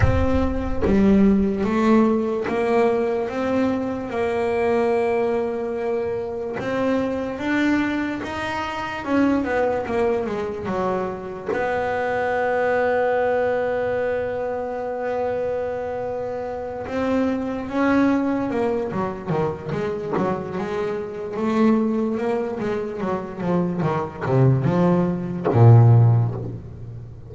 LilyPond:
\new Staff \with { instrumentName = "double bass" } { \time 4/4 \tempo 4 = 73 c'4 g4 a4 ais4 | c'4 ais2. | c'4 d'4 dis'4 cis'8 b8 | ais8 gis8 fis4 b2~ |
b1~ | b8 c'4 cis'4 ais8 fis8 dis8 | gis8 fis8 gis4 a4 ais8 gis8 | fis8 f8 dis8 c8 f4 ais,4 | }